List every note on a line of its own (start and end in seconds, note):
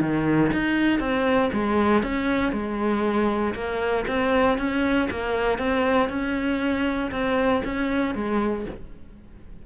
0.00 0.51 D#3
0.53 0.99 D#4
0.99 1.50 C4
1.52 2.02 G#3
2.02 2.52 C#4
2.52 3.54 G#3
3.54 4.05 A#3
4.07 4.58 C4
4.58 5.09 C#4
5.10 5.58 A#3
5.58 6.09 C4
6.09 7.10 C#4
7.11 7.62 C4
7.64 8.15 C#4
8.15 8.66 G#3